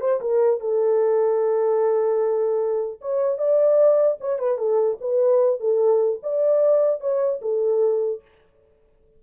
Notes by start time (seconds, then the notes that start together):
0.00 C5
0.20 A#4
0.60 A4
3.01 C#5
3.38 D5
4.20 C#5
4.39 B4
4.57 A4
5.01 B4
5.59 A4
6.22 D5
7.00 C#5
7.41 A4